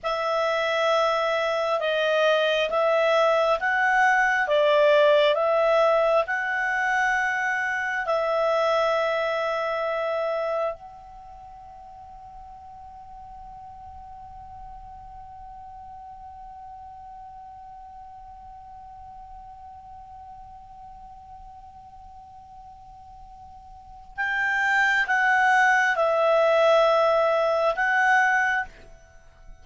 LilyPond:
\new Staff \with { instrumentName = "clarinet" } { \time 4/4 \tempo 4 = 67 e''2 dis''4 e''4 | fis''4 d''4 e''4 fis''4~ | fis''4 e''2. | fis''1~ |
fis''1~ | fis''1~ | fis''2. g''4 | fis''4 e''2 fis''4 | }